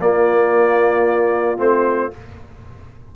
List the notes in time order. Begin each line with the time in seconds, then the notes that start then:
0.00 A#3 F4 D5
1.58 A3 C4 C5